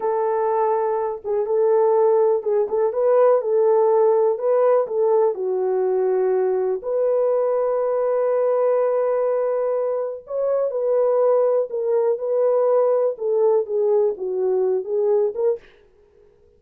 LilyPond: \new Staff \with { instrumentName = "horn" } { \time 4/4 \tempo 4 = 123 a'2~ a'8 gis'8 a'4~ | a'4 gis'8 a'8 b'4 a'4~ | a'4 b'4 a'4 fis'4~ | fis'2 b'2~ |
b'1~ | b'4 cis''4 b'2 | ais'4 b'2 a'4 | gis'4 fis'4. gis'4 ais'8 | }